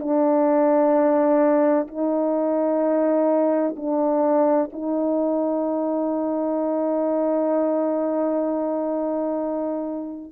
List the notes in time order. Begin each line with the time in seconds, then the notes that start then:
0.00 D4
1.88 D#4
3.76 D4
4.73 D#4